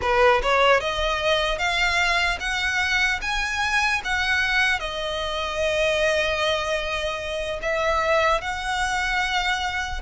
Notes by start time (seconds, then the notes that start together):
0.01 B4
0.42 C#5
0.80 D#5
1.58 F5
2.40 F#5
3.21 G#5
4.04 F#5
4.79 D#5
7.61 E5
8.41 F#5